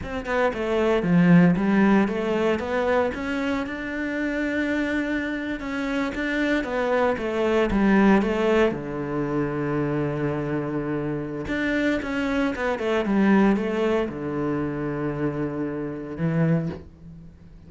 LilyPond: \new Staff \with { instrumentName = "cello" } { \time 4/4 \tempo 4 = 115 c'8 b8 a4 f4 g4 | a4 b4 cis'4 d'4~ | d'2~ d'8. cis'4 d'16~ | d'8. b4 a4 g4 a16~ |
a8. d2.~ d16~ | d2 d'4 cis'4 | b8 a8 g4 a4 d4~ | d2. e4 | }